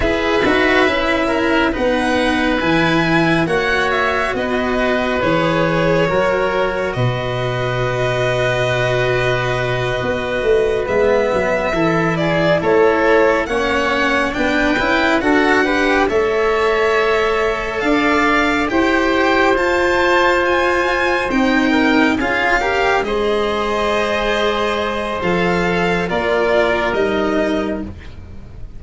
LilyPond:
<<
  \new Staff \with { instrumentName = "violin" } { \time 4/4 \tempo 4 = 69 e''2 fis''4 gis''4 | fis''8 e''8 dis''4 cis''2 | dis''1~ | dis''8 e''4. d''8 cis''4 fis''8~ |
fis''8 g''4 fis''4 e''4.~ | e''8 f''4 g''4 a''4 gis''8~ | gis''8 g''4 f''4 dis''4.~ | dis''4 f''4 d''4 dis''4 | }
  \new Staff \with { instrumentName = "oboe" } { \time 4/4 b'4. ais'8 b'2 | cis''4 b'2 ais'4 | b'1~ | b'4. a'8 gis'8 a'4 cis''8~ |
cis''8 b'4 a'8 b'8 cis''4.~ | cis''8 d''4 c''2~ c''8~ | c''4 ais'8 gis'8 ais'8 c''4.~ | c''2 ais'2 | }
  \new Staff \with { instrumentName = "cello" } { \time 4/4 gis'8 fis'8 e'4 dis'4 e'4 | fis'2 gis'4 fis'4~ | fis'1~ | fis'8 b4 e'2 cis'8~ |
cis'8 d'8 e'8 fis'8 g'8 a'4.~ | a'4. g'4 f'4.~ | f'8 dis'4 f'8 g'8 gis'4.~ | gis'4 a'4 f'4 dis'4 | }
  \new Staff \with { instrumentName = "tuba" } { \time 4/4 e'8 dis'8 cis'4 b4 e4 | ais4 b4 e4 fis4 | b,2.~ b,8 b8 | a8 gis8 fis8 e4 a4 ais8~ |
ais8 b8 cis'8 d'4 a4.~ | a8 d'4 e'4 f'4.~ | f'8 c'4 cis'4 gis4.~ | gis4 f4 ais4 g4 | }
>>